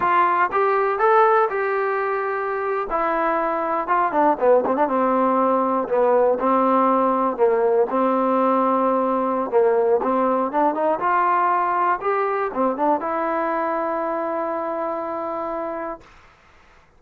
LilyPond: \new Staff \with { instrumentName = "trombone" } { \time 4/4 \tempo 4 = 120 f'4 g'4 a'4 g'4~ | g'4.~ g'16 e'2 f'16~ | f'16 d'8 b8 c'16 d'16 c'2 b16~ | b8. c'2 ais4 c'16~ |
c'2. ais4 | c'4 d'8 dis'8 f'2 | g'4 c'8 d'8 e'2~ | e'1 | }